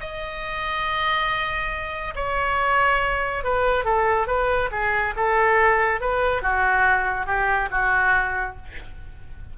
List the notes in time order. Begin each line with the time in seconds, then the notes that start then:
0.00 D#5
2.15 C#5
3.44 B4
3.85 A4
4.27 B4
4.71 G#4
5.16 A4
6.00 B4
6.42 F#4
7.26 G4
7.71 F#4